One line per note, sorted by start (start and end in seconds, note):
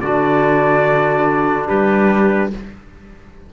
0.00 1.68 D3
0.00 2.52 D4
0.00 1.67 F#4
0.00 1.67 D5
1.67 2.53 G3
1.67 2.50 G4
1.67 2.51 B4